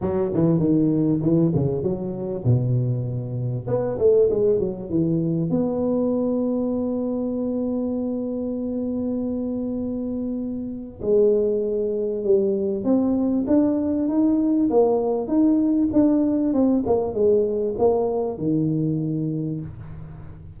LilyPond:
\new Staff \with { instrumentName = "tuba" } { \time 4/4 \tempo 4 = 98 fis8 e8 dis4 e8 cis8 fis4 | b,2 b8 a8 gis8 fis8 | e4 b2.~ | b1~ |
b2 gis2 | g4 c'4 d'4 dis'4 | ais4 dis'4 d'4 c'8 ais8 | gis4 ais4 dis2 | }